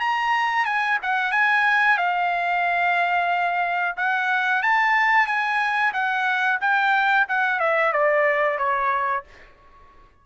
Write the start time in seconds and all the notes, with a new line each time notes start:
0.00 A#5
0.66 G#5
1.02 F#5
1.32 G#5
1.98 F5
3.97 F#5
4.63 A5
5.27 G#5
5.93 F#5
6.61 G5
7.29 F#5
7.60 E5
7.93 D5
8.58 C#5